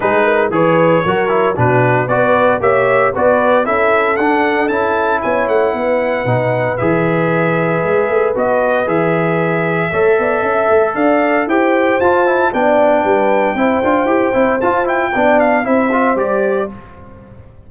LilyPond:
<<
  \new Staff \with { instrumentName = "trumpet" } { \time 4/4 \tempo 4 = 115 b'4 cis''2 b'4 | d''4 e''4 d''4 e''4 | fis''4 a''4 gis''8 fis''4.~ | fis''4 e''2. |
dis''4 e''2.~ | e''4 f''4 g''4 a''4 | g''1 | a''8 g''4 f''8 e''4 d''4 | }
  \new Staff \with { instrumentName = "horn" } { \time 4/4 gis'8 ais'8 b'4 ais'4 fis'4 | b'4 cis''4 b'4 a'4~ | a'2 cis''4 b'4~ | b'1~ |
b'2. cis''8 d''8 | e''4 d''4 c''2 | d''4 b'4 c''2~ | c''4 d''4 c''2 | }
  \new Staff \with { instrumentName = "trombone" } { \time 4/4 dis'4 gis'4 fis'8 e'8 d'4 | fis'4 g'4 fis'4 e'4 | d'4 e'2. | dis'4 gis'2. |
fis'4 gis'2 a'4~ | a'2 g'4 f'8 e'8 | d'2 e'8 f'8 g'8 e'8 | f'8 e'8 d'4 e'8 f'8 g'4 | }
  \new Staff \with { instrumentName = "tuba" } { \time 4/4 gis4 e4 fis4 b,4 | b4 ais4 b4 cis'4 | d'4 cis'4 b8 a8 b4 | b,4 e2 gis8 a8 |
b4 e2 a8 b8 | cis'8 a8 d'4 e'4 f'4 | b4 g4 c'8 d'8 e'8 c'8 | f'4 b4 c'4 g4 | }
>>